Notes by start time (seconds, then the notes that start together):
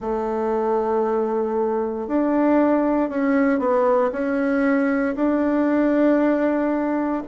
0.00 A3
2.07 D4
3.09 C#4
3.59 B3
4.11 C#4
5.15 D4